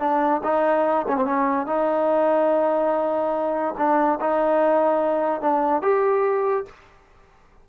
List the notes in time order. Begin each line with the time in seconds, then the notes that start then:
0.00 D4
0.44 D#4
1.08 C#4
1.17 C4
1.26 C#4
1.67 D#4
3.78 D4
4.21 D#4
5.42 D4
5.82 G4